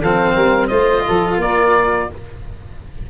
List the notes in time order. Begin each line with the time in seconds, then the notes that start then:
0.00 F3 C4 A4 F5
0.34 G3 A#4
0.68 A3 F4 C5 D#5
1.07 F3 A4
1.37 A#3 A#4 D5